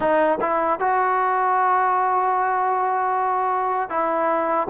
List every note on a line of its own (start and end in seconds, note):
0.00 0.38 D#4
0.40 0.79 E4
0.79 3.89 F#4
3.89 4.67 E4